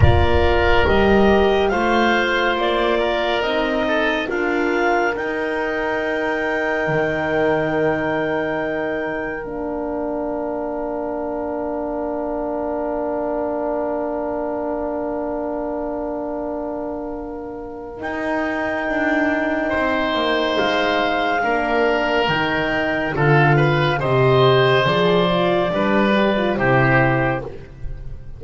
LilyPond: <<
  \new Staff \with { instrumentName = "clarinet" } { \time 4/4 \tempo 4 = 70 d''4 dis''4 f''4 d''4 | dis''4 f''4 g''2~ | g''2. f''4~ | f''1~ |
f''1~ | f''4 g''2. | f''2 g''4 f''4 | dis''4 d''2 c''4 | }
  \new Staff \with { instrumentName = "oboe" } { \time 4/4 ais'2 c''4. ais'8~ | ais'8 a'8 ais'2.~ | ais'1~ | ais'1~ |
ais'1~ | ais'2. c''4~ | c''4 ais'2 a'8 b'8 | c''2 b'4 g'4 | }
  \new Staff \with { instrumentName = "horn" } { \time 4/4 f'4 g'4 f'2 | dis'4 f'4 dis'2~ | dis'2. d'4~ | d'1~ |
d'1~ | d'4 dis'2.~ | dis'4 d'4 dis'4 f'4 | g'4 gis'8 f'8 d'8 g'16 f'16 e'4 | }
  \new Staff \with { instrumentName = "double bass" } { \time 4/4 ais4 g4 a4 ais4 | c'4 d'4 dis'2 | dis2. ais4~ | ais1~ |
ais1~ | ais4 dis'4 d'4 c'8 ais8 | gis4 ais4 dis4 d4 | c4 f4 g4 c4 | }
>>